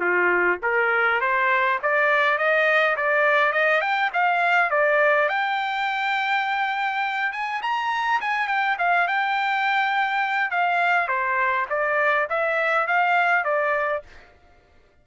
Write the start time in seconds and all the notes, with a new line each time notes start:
0.00 F4
0.62 A#4
1.21 C5
1.82 D5
2.38 D#5
2.97 D5
3.52 D#5
3.81 G5
4.13 F5
4.71 D5
5.29 G5
7.32 G#5
7.62 A#5
8.21 G#5
8.48 G5
8.79 F5
9.07 G5
10.51 F5
11.08 C5
11.70 D5
12.30 E5
12.87 F5
13.45 D5